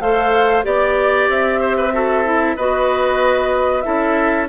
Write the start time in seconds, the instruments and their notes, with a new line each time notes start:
0.00 bassoon A3, clarinet A4, oboe C5, flute F5
0.64 bassoon B3, clarinet G4, flute D5, oboe D5
1.29 bassoon C4, flute E5
1.61 oboe C5
1.77 oboe B4
1.93 clarinet F#4, oboe A4
2.25 clarinet E4
2.57 bassoon B3, clarinet F#4, oboe B4, flute D#5
3.82 bassoon C#4, clarinet E4, oboe A4, flute E5